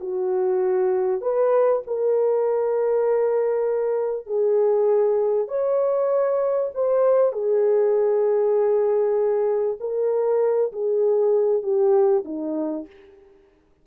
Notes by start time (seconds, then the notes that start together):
0.00 F#4
1.21 B4
1.87 A#4
4.26 G#4
5.48 C#5
6.74 C5
7.32 G#4
9.80 A#4
10.72 G#4
11.63 G4
12.25 D#4